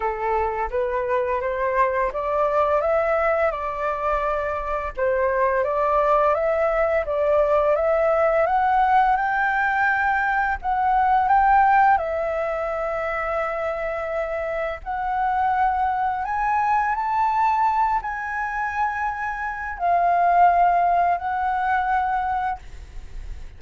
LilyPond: \new Staff \with { instrumentName = "flute" } { \time 4/4 \tempo 4 = 85 a'4 b'4 c''4 d''4 | e''4 d''2 c''4 | d''4 e''4 d''4 e''4 | fis''4 g''2 fis''4 |
g''4 e''2.~ | e''4 fis''2 gis''4 | a''4. gis''2~ gis''8 | f''2 fis''2 | }